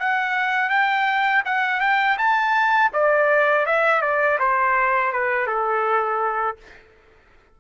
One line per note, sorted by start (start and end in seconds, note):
0.00 0.70 F#5
0.70 1.43 G5
1.46 1.81 F#5
1.81 2.18 G5
2.18 2.91 A5
2.94 3.66 D5
3.66 4.02 E5
4.02 4.39 D5
4.39 5.13 C5
5.13 5.47 B4
5.47 6.57 A4